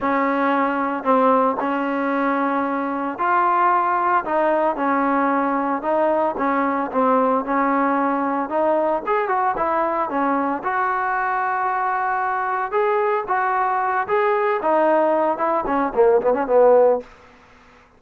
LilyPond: \new Staff \with { instrumentName = "trombone" } { \time 4/4 \tempo 4 = 113 cis'2 c'4 cis'4~ | cis'2 f'2 | dis'4 cis'2 dis'4 | cis'4 c'4 cis'2 |
dis'4 gis'8 fis'8 e'4 cis'4 | fis'1 | gis'4 fis'4. gis'4 dis'8~ | dis'4 e'8 cis'8 ais8 b16 cis'16 b4 | }